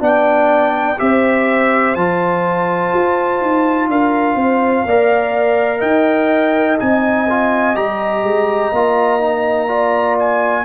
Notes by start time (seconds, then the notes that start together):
0.00 B3 D4 D5 G5
0.98 C4 G4 C5 E5
1.95 F3 F4 A5
2.94 F4
3.41 D#4
3.88 D4 A#4 F5
4.35 C4 C5
4.85 A#3 A#4 D5
5.80 D#4 D#5 G5
6.79 C4 D#4 G#5
7.30 F4
7.75 G3 G4 A#5
8.23 G#3
8.72 A#3 F4
9.20 D#4
9.68 F4 D5
10.20 G#5